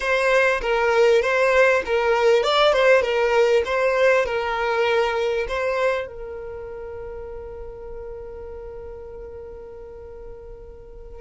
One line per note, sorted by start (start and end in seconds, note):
0.00 0.60 C5
0.61 1.21 A#4
1.21 1.82 C5
1.85 2.43 A#4
2.43 2.72 D5
2.72 3.02 C5
3.02 3.62 A#4
3.65 4.25 C5
4.25 5.46 A#4
5.47 6.07 C5
6.07 11.21 A#4